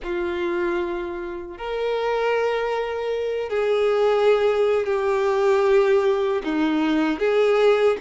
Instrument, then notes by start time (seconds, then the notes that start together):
violin
0.03 F4
1.57 A#4
3.49 G#4
4.86 G4
6.44 D#4
7.19 G#4